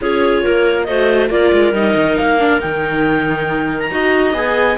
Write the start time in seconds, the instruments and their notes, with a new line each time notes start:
0.01 cello C#4, viola F4, clarinet G#4 C#5
0.42 cello A#3, clarinet A#4
0.84 cello A3, viola F#4, clarinet C5 D#5
1.30 cello A#3, viola F4, clarinet A#4 D5
1.52 cello G#3
1.73 cello G3, viola D#4, clarinet D#5
1.95 cello D#3
2.17 cello A#3, clarinet F5
2.39 viola D4
2.59 cello D#3, viola D#4, clarinet G5
3.79 clarinet A#5
3.90 cello D#4, viola F#4, clarinet D#5
4.33 cello B3, viola G#4, clarinet G#5